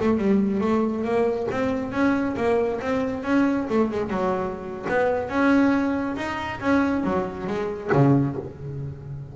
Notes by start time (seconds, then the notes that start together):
0.00 A3
0.17 G3
0.60 A3
1.04 A#3
1.51 C4
1.92 C#4
2.36 A#3
2.80 C4
3.23 C#4
3.69 A3
3.91 G#3
4.09 F#3
4.89 B3
5.28 C#4
6.16 D#4
6.60 C#4
7.04 F#3
7.46 G#3
7.92 C#3